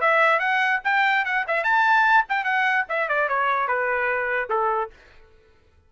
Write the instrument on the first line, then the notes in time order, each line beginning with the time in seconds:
trumpet
0.00 E5
0.39 F#5
0.84 G5
1.25 F#5
1.47 E5
1.63 A5
2.29 G5
2.44 F#5
2.88 E5
3.08 D5
3.28 C#5
3.67 B4
4.49 A4